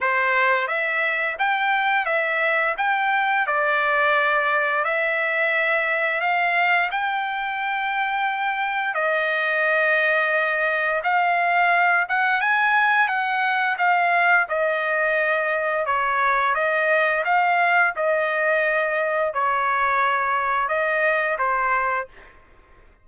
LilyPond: \new Staff \with { instrumentName = "trumpet" } { \time 4/4 \tempo 4 = 87 c''4 e''4 g''4 e''4 | g''4 d''2 e''4~ | e''4 f''4 g''2~ | g''4 dis''2. |
f''4. fis''8 gis''4 fis''4 | f''4 dis''2 cis''4 | dis''4 f''4 dis''2 | cis''2 dis''4 c''4 | }